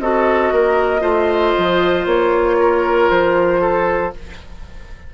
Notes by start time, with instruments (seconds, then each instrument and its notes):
0.00 bassoon C4, clarinet F#4, oboe A4, flute D#5
0.52 bassoon A#3, oboe A#4
1.00 bassoon A3, clarinet F4, oboe C5
1.58 bassoon F3
2.06 bassoon A#3, flute C#5
2.60 oboe A#4
3.10 bassoon F3, flute C5
3.61 oboe A4